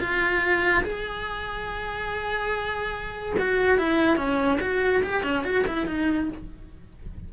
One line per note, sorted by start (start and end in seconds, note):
0.00 0.84 F4
0.84 3.36 G#4
3.40 3.79 F#4
3.79 4.18 E4
4.18 4.60 C#4
4.61 5.03 F#4
5.04 5.24 G4
5.24 5.45 C#4
5.45 5.65 F#4
5.67 5.87 E4
5.87 6.29 D#4